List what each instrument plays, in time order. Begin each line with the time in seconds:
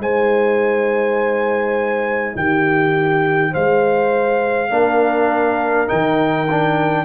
0.00 tuba G#3, trombone D#4, horn C5, trumpet G#5
2.36 tuba D#3, horn G4, trumpet G5
3.52 tuba G#3, horn C5, trumpet F5
4.71 tuba A#3, trombone D4, horn A#4
5.87 tuba D#3, trombone D#4, trumpet G5
6.51 trombone D4